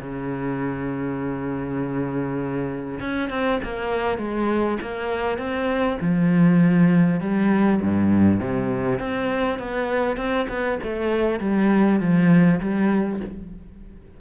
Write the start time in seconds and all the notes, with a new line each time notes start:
0.00 C#3
3.00 C#4
3.30 C4
3.64 A#3
4.18 G#3
4.82 A#3
5.38 C4
6.01 F3
7.21 G3
7.82 G2
8.40 C3
8.99 C4
9.59 B3
10.17 C4
10.49 B3
10.83 A3
11.40 G3
12.00 F3
12.61 G3